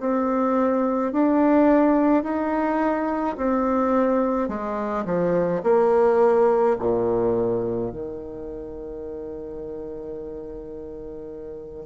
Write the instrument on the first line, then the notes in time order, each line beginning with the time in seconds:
bassoon
0.00 C4
1.13 D4
2.23 D#4
3.37 C4
4.48 G#3
5.05 F3
5.63 A#3
6.79 A#2
7.91 D#3